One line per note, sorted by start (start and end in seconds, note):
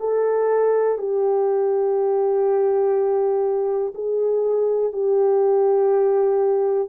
0.00 0.98 A4
0.98 3.93 G4
3.95 4.93 G#4
4.93 6.89 G4